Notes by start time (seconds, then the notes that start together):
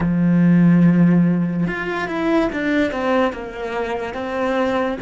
0.00 F3
1.67 F4
2.07 E4
2.52 D4
2.91 C4
3.32 A#3
4.14 C4